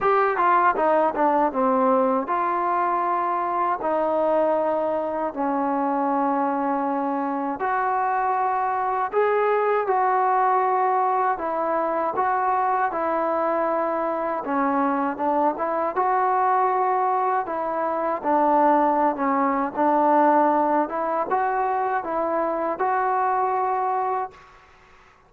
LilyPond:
\new Staff \with { instrumentName = "trombone" } { \time 4/4 \tempo 4 = 79 g'8 f'8 dis'8 d'8 c'4 f'4~ | f'4 dis'2 cis'4~ | cis'2 fis'2 | gis'4 fis'2 e'4 |
fis'4 e'2 cis'4 | d'8 e'8 fis'2 e'4 | d'4~ d'16 cis'8. d'4. e'8 | fis'4 e'4 fis'2 | }